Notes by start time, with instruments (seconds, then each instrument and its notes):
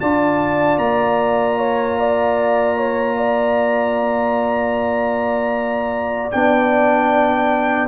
0.00 tuba D4, trombone F4, horn D5, trumpet A5
0.78 tuba A#3, trumpet A#5
1.59 horn C#5
2.00 horn D5
2.78 horn C#5
3.17 horn D5
6.32 tuba B3, trombone D4, trumpet G5